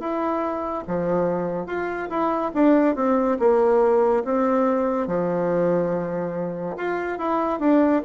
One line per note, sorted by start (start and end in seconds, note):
0.00 0.85 E4
0.88 1.67 F3
1.67 2.09 F4
2.10 2.52 E4
2.54 2.96 D4
2.96 3.38 C4
3.40 4.24 A#3
4.25 5.07 C4
5.07 6.76 F3
6.77 7.19 F4
7.19 7.60 E4
7.60 8.02 D4